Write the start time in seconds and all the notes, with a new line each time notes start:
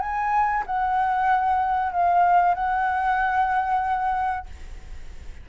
0.00 G#5
0.66 F#5
1.92 F5
2.55 F#5